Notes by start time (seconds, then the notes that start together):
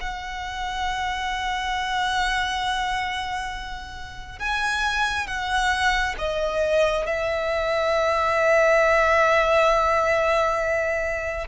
0.00 F#5
4.39 G#5
5.27 F#5
6.18 D#5
7.06 E5